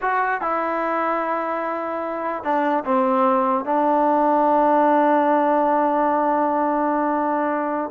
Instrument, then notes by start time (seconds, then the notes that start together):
trombone
0.01 F#4
0.41 E4
2.43 D4
2.85 C4
3.64 D4